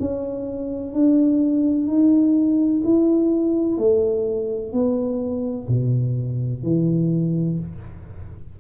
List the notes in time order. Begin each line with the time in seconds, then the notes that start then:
0.00 C#4
0.94 D4
1.87 D#4
2.84 E4
3.78 A3
4.72 B3
5.68 B2
6.64 E3